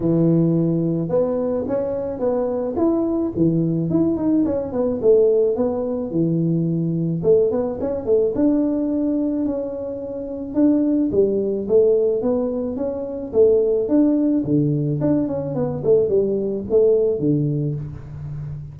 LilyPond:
\new Staff \with { instrumentName = "tuba" } { \time 4/4 \tempo 4 = 108 e2 b4 cis'4 | b4 e'4 e4 e'8 dis'8 | cis'8 b8 a4 b4 e4~ | e4 a8 b8 cis'8 a8 d'4~ |
d'4 cis'2 d'4 | g4 a4 b4 cis'4 | a4 d'4 d4 d'8 cis'8 | b8 a8 g4 a4 d4 | }